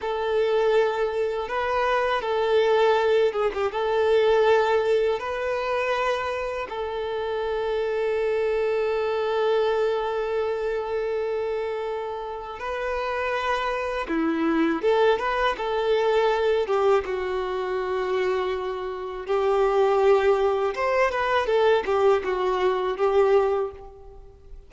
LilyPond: \new Staff \with { instrumentName = "violin" } { \time 4/4 \tempo 4 = 81 a'2 b'4 a'4~ | a'8 gis'16 g'16 a'2 b'4~ | b'4 a'2.~ | a'1~ |
a'4 b'2 e'4 | a'8 b'8 a'4. g'8 fis'4~ | fis'2 g'2 | c''8 b'8 a'8 g'8 fis'4 g'4 | }